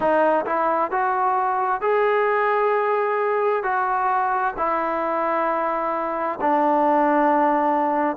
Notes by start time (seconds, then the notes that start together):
0.00 D#4
0.45 E4
0.91 F#4
1.81 G#4
3.63 F#4
4.57 E4
6.40 D4